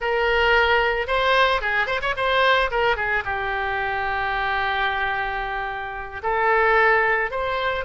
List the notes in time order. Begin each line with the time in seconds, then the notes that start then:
0.00 A#4
1.07 C5
1.61 G#4
1.86 C5
2.01 C#5
2.16 C5
2.71 A#4
2.96 G#4
3.24 G4
6.23 A4
7.30 C5